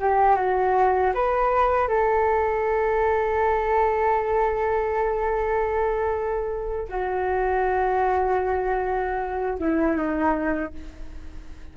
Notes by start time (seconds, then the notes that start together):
0.00 G4
0.36 F#4
1.14 B4
1.88 A4
6.89 F#4
9.59 E4
9.96 D#4